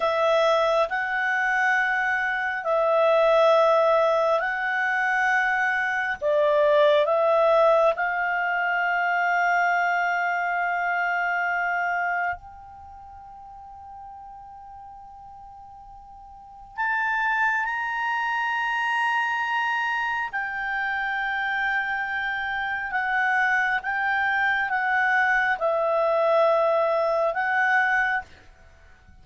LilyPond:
\new Staff \with { instrumentName = "clarinet" } { \time 4/4 \tempo 4 = 68 e''4 fis''2 e''4~ | e''4 fis''2 d''4 | e''4 f''2.~ | f''2 g''2~ |
g''2. a''4 | ais''2. g''4~ | g''2 fis''4 g''4 | fis''4 e''2 fis''4 | }